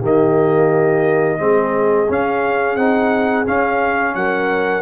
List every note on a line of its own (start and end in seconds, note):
0.00 1.39 D#3
0.00 1.38 A#3
0.00 1.38 G4
0.00 2.12 D#5
1.38 2.09 G#3
1.38 2.07 C4
1.38 4.17 G#4
2.09 2.76 C#4
2.09 2.78 C#4
2.09 2.76 F5
2.76 3.45 C4
2.76 3.45 D#4
2.76 3.45 F#5
3.45 4.82 C#4
3.45 4.15 C#4
3.45 4.15 F5
4.15 4.82 F#3
4.15 4.82 A#4
4.15 4.82 F#5